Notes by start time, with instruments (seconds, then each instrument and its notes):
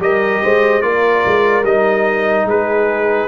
0.00 tuba G3, trombone G4, horn A#4, trumpet D#5
0.43 tuba G#3, horn C5
0.82 tuba A#3, trombone F4, horn A#4, trumpet D5
1.26 tuba G#3
1.63 tuba G3, trombone D#4, trumpet D#5
2.45 tuba G#3, horn G#4, trumpet B4